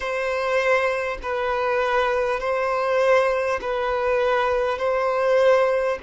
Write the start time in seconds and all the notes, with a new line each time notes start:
0.00 C5
1.22 B4
2.40 C5
3.61 B4
4.78 C5